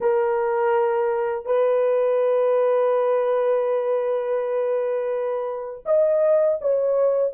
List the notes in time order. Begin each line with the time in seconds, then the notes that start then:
0.00 A#4
1.45 B4
5.85 D#5
6.61 C#5